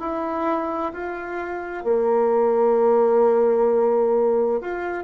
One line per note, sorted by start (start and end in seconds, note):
0.00 0.92 E4
0.93 1.84 F4
1.84 4.61 A#3
4.61 5.03 F4